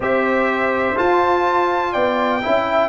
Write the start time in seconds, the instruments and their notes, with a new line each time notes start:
0.00 tuba C4, trombone G4, horn C5, trumpet E5
0.96 trombone F4, tuba F4, trumpet A5
1.92 tuba B3, horn D5, trumpet G5
2.42 tuba C#4, trombone E4, horn E5